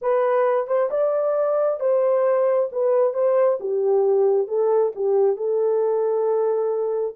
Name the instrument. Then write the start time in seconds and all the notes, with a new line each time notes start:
horn
0.01 B4
0.67 C5
0.90 D5
1.80 C5
2.72 B4
3.13 C5
3.59 G4
4.47 A4
4.95 G4
5.36 A4